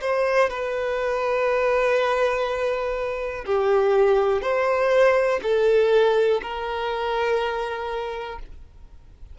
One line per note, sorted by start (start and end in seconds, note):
0.00 0.49 C5
0.50 3.45 B4
3.45 4.41 G4
4.41 5.40 C5
5.42 6.41 A4
6.42 8.39 A#4